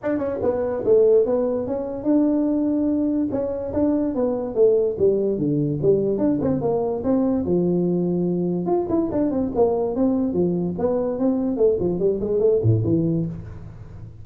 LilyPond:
\new Staff \with { instrumentName = "tuba" } { \time 4/4 \tempo 4 = 145 d'8 cis'8 b4 a4 b4 | cis'4 d'2. | cis'4 d'4 b4 a4 | g4 d4 g4 d'8 c'8 |
ais4 c'4 f2~ | f4 f'8 e'8 d'8 c'8 ais4 | c'4 f4 b4 c'4 | a8 f8 g8 gis8 a8 a,8 e4 | }